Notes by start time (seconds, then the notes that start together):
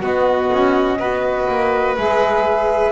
0.00 B3 F#4 D#5
0.53 C#4
0.99 B3 F#4 B4
1.49 A#3
1.96 G#3 G#4 E5